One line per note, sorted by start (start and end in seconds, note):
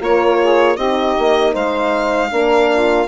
0.00 0.77 A#3
0.00 0.77 F4
0.00 0.39 A#4
0.00 0.76 C#5
0.42 0.76 G#4
0.76 1.15 C4
0.76 2.30 D#4
0.76 1.52 G4
0.76 1.53 D#5
1.18 1.55 A#3
1.52 2.32 G#3
1.52 2.29 C5
1.52 3.07 F5
2.30 3.07 A#3
2.30 3.07 D4
2.30 2.70 A#4
2.72 3.07 F4